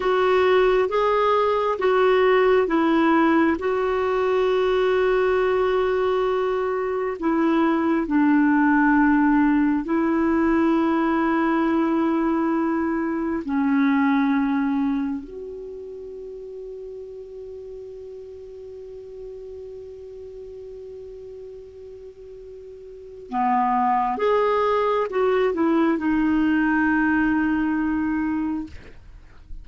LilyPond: \new Staff \with { instrumentName = "clarinet" } { \time 4/4 \tempo 4 = 67 fis'4 gis'4 fis'4 e'4 | fis'1 | e'4 d'2 e'4~ | e'2. cis'4~ |
cis'4 fis'2.~ | fis'1~ | fis'2 b4 gis'4 | fis'8 e'8 dis'2. | }